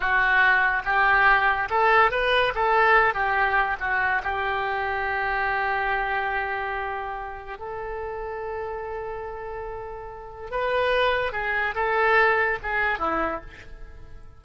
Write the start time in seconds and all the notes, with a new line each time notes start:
0.00 F#4
0.84 G4
1.70 A4
2.11 B4
2.54 A4
3.14 G4
3.80 F#4
4.23 G4
7.58 A4
10.50 B4
11.32 G#4
11.74 A4
12.63 G#4
12.99 E4